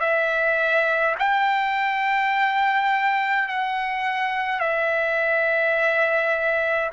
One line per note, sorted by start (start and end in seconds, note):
0.00 1.15 E5
1.19 3.48 G5
3.48 4.59 F#5
4.59 6.90 E5